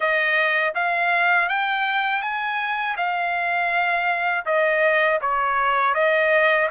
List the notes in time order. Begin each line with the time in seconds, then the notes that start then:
0.00 D#5
0.74 F5
1.48 G5
2.22 G#5
2.96 F5
4.45 D#5
5.21 C#5
5.94 D#5